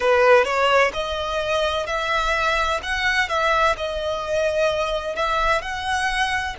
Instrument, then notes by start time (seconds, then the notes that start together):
violin
0.00 B4
0.44 C#5
0.93 D#5
1.86 E5
2.82 F#5
3.29 E5
3.77 D#5
5.15 E5
5.61 F#5